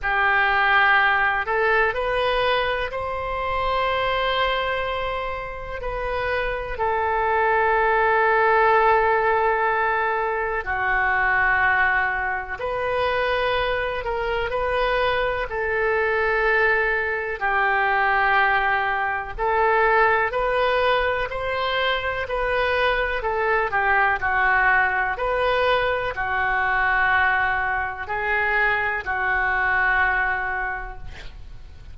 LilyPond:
\new Staff \with { instrumentName = "oboe" } { \time 4/4 \tempo 4 = 62 g'4. a'8 b'4 c''4~ | c''2 b'4 a'4~ | a'2. fis'4~ | fis'4 b'4. ais'8 b'4 |
a'2 g'2 | a'4 b'4 c''4 b'4 | a'8 g'8 fis'4 b'4 fis'4~ | fis'4 gis'4 fis'2 | }